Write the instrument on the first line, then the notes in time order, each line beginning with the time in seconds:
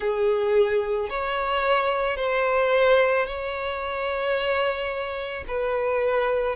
violin
0.00 G#4
1.09 C#5
2.16 C5
3.26 C#5
5.47 B4